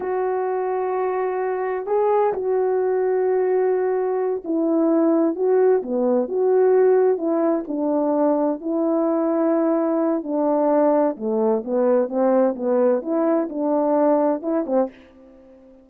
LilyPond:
\new Staff \with { instrumentName = "horn" } { \time 4/4 \tempo 4 = 129 fis'1 | gis'4 fis'2.~ | fis'4. e'2 fis'8~ | fis'8 b4 fis'2 e'8~ |
e'8 d'2 e'4.~ | e'2 d'2 | a4 b4 c'4 b4 | e'4 d'2 e'8 c'8 | }